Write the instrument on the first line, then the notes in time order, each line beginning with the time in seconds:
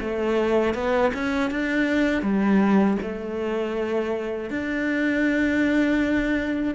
cello
0.00 A3
0.74 B3
1.14 C#4
1.50 D4
2.22 G3
3.02 A3
4.50 D4